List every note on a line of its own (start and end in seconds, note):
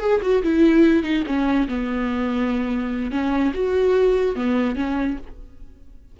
0.00 0.21 G#4
0.22 0.43 F#4
0.43 1.03 E4
1.03 1.24 D#4
1.26 1.68 C#4
1.68 3.11 B3
3.11 3.52 C#4
3.54 4.36 F#4
4.36 4.76 B3
4.76 5.17 C#4